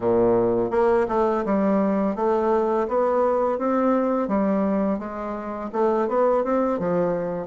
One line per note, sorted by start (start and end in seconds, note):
0.00 0.70 A#2
0.70 1.06 A#3
1.08 1.44 A3
1.44 2.15 G3
2.15 2.87 A3
2.88 3.58 B3
3.58 4.28 C4
4.28 4.98 G3
4.98 5.70 G#3
5.72 6.08 A3
6.08 6.44 B3
6.44 6.79 C4
6.79 7.47 F3